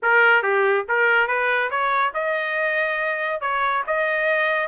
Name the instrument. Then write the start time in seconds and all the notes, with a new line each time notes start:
trumpet
0.02 A#4
0.42 G4
0.88 A#4
1.27 B4
1.70 C#5
2.14 D#5
3.40 C#5
3.86 D#5